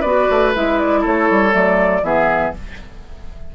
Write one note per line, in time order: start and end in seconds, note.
0.00 0.28 B3
0.00 0.55 F#4
0.00 1.00 B4
0.00 0.52 D5
0.30 0.55 A3
0.55 1.05 G#3
0.55 1.51 E4
0.55 0.79 E5
0.79 1.04 D5
1.01 1.30 A3
1.01 2.01 A4
1.01 1.54 C#5
1.30 1.54 G3
1.51 2.03 F#3
1.51 2.01 A3
1.51 2.04 D5
2.03 2.53 E3
2.03 2.53 B3
2.03 2.55 G#4
2.03 2.54 E5